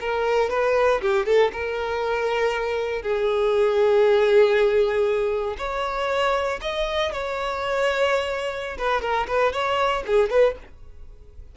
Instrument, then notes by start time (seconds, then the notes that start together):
violin
0.00 A#4
0.50 B4
1.01 G4
1.26 A4
1.52 A#4
3.02 G#4
5.58 C#5
6.61 D#5
7.12 C#5
8.78 B4
9.01 A#4
9.27 B4
9.53 C#5
10.06 G#4
10.30 B4